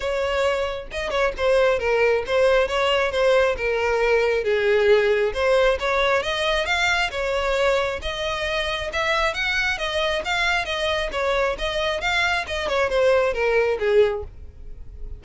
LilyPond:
\new Staff \with { instrumentName = "violin" } { \time 4/4 \tempo 4 = 135 cis''2 dis''8 cis''8 c''4 | ais'4 c''4 cis''4 c''4 | ais'2 gis'2 | c''4 cis''4 dis''4 f''4 |
cis''2 dis''2 | e''4 fis''4 dis''4 f''4 | dis''4 cis''4 dis''4 f''4 | dis''8 cis''8 c''4 ais'4 gis'4 | }